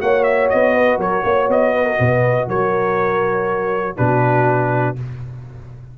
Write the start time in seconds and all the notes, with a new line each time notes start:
0.00 A#3 F#4 C#5 F#5
0.23 E5
0.49 B3 D#5
0.75 B4
0.98 F#3 A#4 C#5
1.24 A#3 C#5
1.48 B3 D#5
1.75 B4
1.85 A#4
1.99 B2 B4
2.47 F#3 A#4 C#5
3.96 B2 D4 F#4 B4